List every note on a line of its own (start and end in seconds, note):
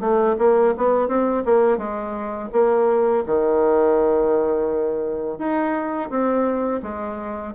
0.00 0.36 A3
0.38 0.74 A#3
0.77 1.07 B3
1.07 1.43 C4
1.45 1.78 A#3
1.78 2.49 G#3
2.52 3.24 A#3
3.26 5.38 D#3
5.38 6.09 D#4
6.10 6.81 C4
6.82 7.54 G#3